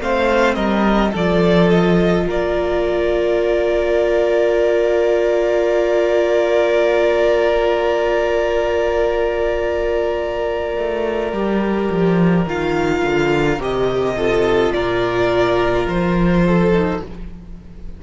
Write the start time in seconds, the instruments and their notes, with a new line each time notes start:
0.00 cello A3, viola C4, violin C5 F5
0.55 cello G3, violin A#4 D#5
1.12 cello F3, viola F4, violin A4 D5
1.70 violin D#5
2.27 cello A#3, violin A#4 D5
10.77 cello A3
11.33 cello G3, viola G4
11.91 cello F3
12.46 cello D#3, viola F4, violin F5
13.03 cello D3
13.59 cello C3, viola G4, violin D#5
14.17 viola F4, violin A4
14.73 cello A#2, violin A#4 D5
15.87 cello F3, violin C5
16.47 violin A4
16.73 viola D#4